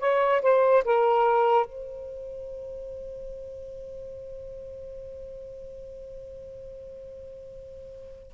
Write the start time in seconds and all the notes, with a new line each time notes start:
0.00 C#5
0.42 C5
0.85 A#4
1.66 C5